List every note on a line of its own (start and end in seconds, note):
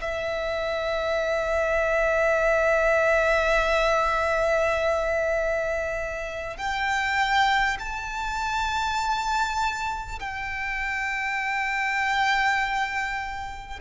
0.00 6.57 E5
6.57 7.77 G5
7.79 10.19 A5
10.19 13.79 G5